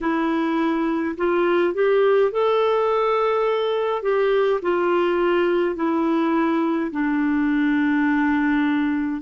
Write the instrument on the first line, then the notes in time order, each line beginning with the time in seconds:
clarinet
0.00 E4
1.17 F4
1.74 G4
2.31 A4
4.02 G4
4.62 F4
5.75 E4
6.91 D4